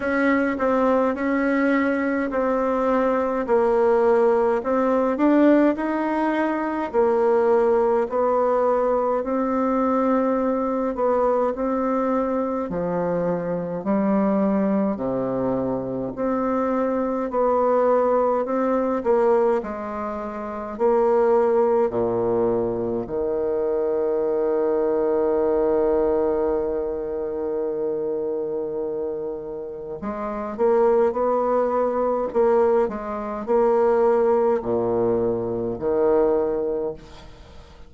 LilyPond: \new Staff \with { instrumentName = "bassoon" } { \time 4/4 \tempo 4 = 52 cis'8 c'8 cis'4 c'4 ais4 | c'8 d'8 dis'4 ais4 b4 | c'4. b8 c'4 f4 | g4 c4 c'4 b4 |
c'8 ais8 gis4 ais4 ais,4 | dis1~ | dis2 gis8 ais8 b4 | ais8 gis8 ais4 ais,4 dis4 | }